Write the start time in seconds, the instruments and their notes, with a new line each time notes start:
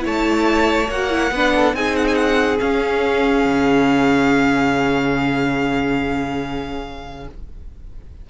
0.00 cello A3, viola E4, violin C#5 A5
0.88 cello A#3, viola F#4, violin F#5
1.10 viola E4
1.31 cello B3, viola D4, violin B4
1.56 violin A4
1.73 cello C4, viola D#4, violin G#4 G#5
1.96 violin F#5
2.07 violin G#5
2.15 violin F#5
2.58 viola C#4, cello C#4, violin F5
3.45 cello C#3